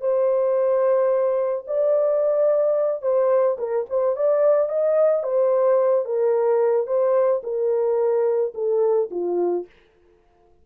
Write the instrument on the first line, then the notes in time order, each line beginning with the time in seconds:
horn
0.00 C5
1.67 D5
3.02 C5
3.58 A#4
3.89 C5
4.16 D5
4.69 D#5
5.23 C5
6.05 A#4
6.86 C5
7.43 A#4
8.54 A4
9.11 F4